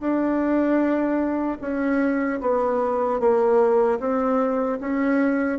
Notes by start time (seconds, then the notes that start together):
0.00 D4
1.61 C#4
2.41 B3
3.20 A#3
4.00 C4
4.81 C#4